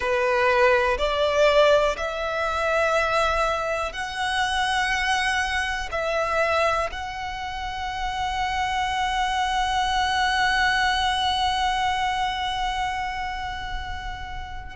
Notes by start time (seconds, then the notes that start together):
0.00 B4
0.98 D5
1.97 E5
3.92 F#5
5.91 E5
6.91 F#5